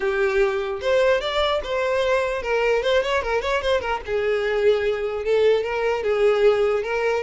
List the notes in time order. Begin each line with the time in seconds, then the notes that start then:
0.00 G4
0.81 C5
1.20 D5
1.63 C5
2.42 A#4
2.82 C5
3.02 C#5
3.22 A#4
3.41 C#5
3.61 C5
3.80 A#4
4.06 G#4
5.24 A4
5.63 A#4
6.03 G#4
6.83 A#4